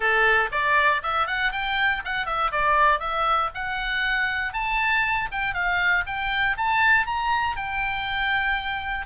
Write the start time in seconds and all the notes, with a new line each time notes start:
0.00 A4
0.51 D5
1.02 E5
1.27 F#5
1.52 G5
2.04 F#5
2.26 E5
2.51 D5
2.99 E5
3.54 F#5
4.53 A5
5.31 G5
5.53 F5
6.06 G5
6.57 A5
7.06 A#5
7.56 G5